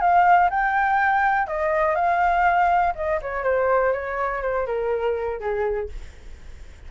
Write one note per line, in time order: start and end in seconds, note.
0.00 0.49 F5
0.50 1.47 G5
1.47 1.95 D#5
1.95 2.93 F5
2.95 3.20 D#5
3.21 3.43 C#5
3.43 3.93 C5
3.93 4.42 C#5
4.42 4.66 C5
4.66 5.40 A#4
5.40 5.89 G#4